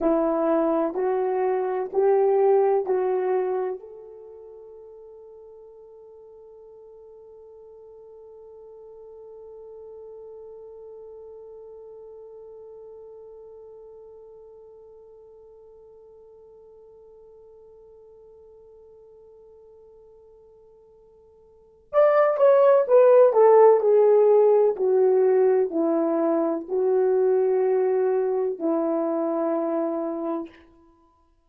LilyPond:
\new Staff \with { instrumentName = "horn" } { \time 4/4 \tempo 4 = 63 e'4 fis'4 g'4 fis'4 | a'1~ | a'1~ | a'1~ |
a'1~ | a'2. d''8 cis''8 | b'8 a'8 gis'4 fis'4 e'4 | fis'2 e'2 | }